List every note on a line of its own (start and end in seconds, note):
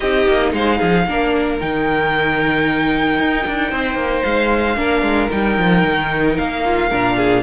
0.00 0.27 C4
0.00 1.08 D#4
0.00 0.51 G4
0.00 0.53 D#5
0.27 0.52 A#3
0.52 0.79 G#3
0.52 0.78 C5
0.52 1.59 F5
0.78 1.07 F3
0.78 1.04 G#4
1.07 1.60 A#3
1.07 1.60 D4
1.07 3.70 A#4
1.59 3.19 D#3
1.59 4.76 D#4
1.59 4.23 G5
3.19 3.46 D#4
3.46 3.72 D4
3.70 3.94 C4
3.70 4.76 C5
3.94 4.21 A#3
4.23 4.76 G#3
4.23 5.29 F5
4.76 5.02 A#3
4.76 5.29 D4
4.76 6.63 A#4
5.02 5.28 G#3
5.30 5.57 G3
5.30 6.89 D#4
5.30 6.37 G5
5.57 5.84 F3
5.85 6.38 D#3
6.37 6.91 A#3
6.37 7.42 F5
6.64 6.89 F4
6.89 7.42 A#2
6.89 7.42 D4
6.89 7.16 A#4
7.16 7.42 G#4